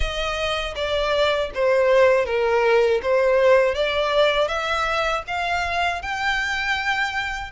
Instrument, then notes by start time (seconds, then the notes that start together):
violin
0.00 D#5
0.75 D5
1.54 C5
2.25 A#4
3.02 C5
3.74 D5
4.48 E5
5.27 F5
6.02 G5